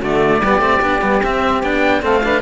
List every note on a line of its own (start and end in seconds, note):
0.00 0.41 D3
0.00 0.43 A3
0.00 0.40 F#4
0.00 1.23 D5
0.41 0.59 G3
0.41 0.61 B3
0.41 2.02 G4
0.59 0.79 A3
0.59 0.82 C4
0.82 1.02 B3
0.82 1.02 D4
1.02 1.23 G3
1.02 1.22 B3
1.23 1.64 C4
1.23 1.63 C4
1.23 1.63 E5
1.63 2.03 B3
1.63 2.02 D4
1.63 2.03 G5
2.02 2.42 A3
2.02 2.22 C4
2.02 2.23 A4
2.02 2.42 F5
2.24 2.42 D4
2.24 2.42 B4